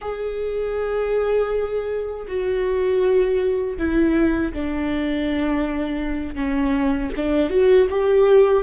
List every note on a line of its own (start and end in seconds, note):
0.01 2.26 G#4
2.27 3.77 F#4
3.77 4.52 E4
4.53 6.35 D4
6.35 7.10 C#4
7.16 7.50 D4
7.50 7.87 F#4
7.90 8.63 G4